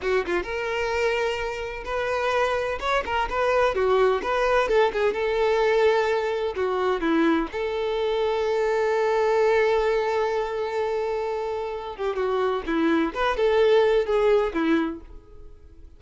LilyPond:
\new Staff \with { instrumentName = "violin" } { \time 4/4 \tempo 4 = 128 fis'8 f'8 ais'2. | b'2 cis''8 ais'8 b'4 | fis'4 b'4 a'8 gis'8 a'4~ | a'2 fis'4 e'4 |
a'1~ | a'1~ | a'4. g'8 fis'4 e'4 | b'8 a'4. gis'4 e'4 | }